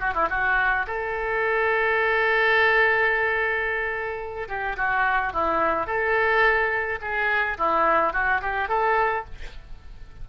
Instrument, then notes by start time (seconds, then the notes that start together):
oboe
0.00 F#4
0.14 E4
0.30 F#4
0.87 A4
4.48 G4
4.77 F#4
5.33 E4
5.86 A4
7.01 G#4
7.58 E4
8.13 F#4
8.41 G4
8.68 A4